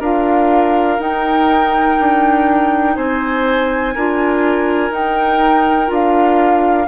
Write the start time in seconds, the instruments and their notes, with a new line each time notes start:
0.00 bassoon D4, clarinet F4, oboe A#4, flute F5
0.99 clarinet D#4, bassoon D#4, flute G5
2.00 bassoon D4
2.96 bassoon C4, oboe C5, flute G#5
3.95 bassoon D4, clarinet F4, oboe A#4
4.90 bassoon D#4, clarinet D#4, flute G5
5.87 bassoon D4, clarinet F4
5.93 flute F5